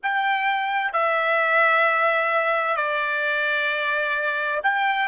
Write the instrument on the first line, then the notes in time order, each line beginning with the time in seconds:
trumpet
0.03 G5
0.92 E5
2.76 D5
4.63 G5